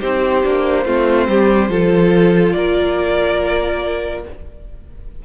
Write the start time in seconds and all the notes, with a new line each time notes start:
0.00 C4 D#4 G4 C5
0.44 A#3 D4
0.86 A3 C4 F4
1.28 G3 G4
1.69 F3 F4 A4
2.53 A#3 A#4 D5